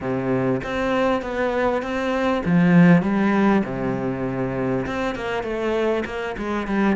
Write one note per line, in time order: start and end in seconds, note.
0.00 0.61 C3
0.63 1.21 C4
1.21 1.82 B3
1.82 2.42 C4
2.45 3.02 F3
3.02 3.63 G3
3.64 4.85 C3
4.86 5.15 C4
5.15 5.43 A#3
5.43 6.04 A3
6.05 6.36 A#3
6.37 6.67 G#3
6.67 6.96 G3